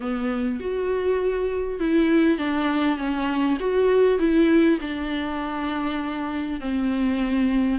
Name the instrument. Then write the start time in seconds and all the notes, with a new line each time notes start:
viola
0.00 B3
0.59 F#4
1.79 E4
2.38 D4
2.97 C#4
3.59 F#4
4.18 E4
4.80 D4
6.60 C4